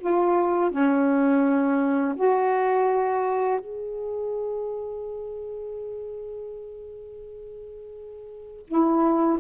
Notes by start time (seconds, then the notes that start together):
0.00 F4
0.71 C#4
2.16 F#4
3.60 G#4
8.67 E4